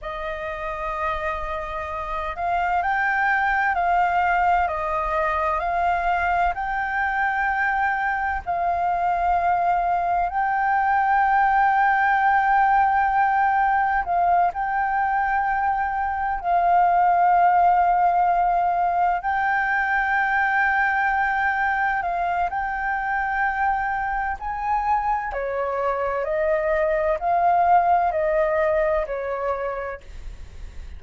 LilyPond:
\new Staff \with { instrumentName = "flute" } { \time 4/4 \tempo 4 = 64 dis''2~ dis''8 f''8 g''4 | f''4 dis''4 f''4 g''4~ | g''4 f''2 g''4~ | g''2. f''8 g''8~ |
g''4. f''2~ f''8~ | f''8 g''2. f''8 | g''2 gis''4 cis''4 | dis''4 f''4 dis''4 cis''4 | }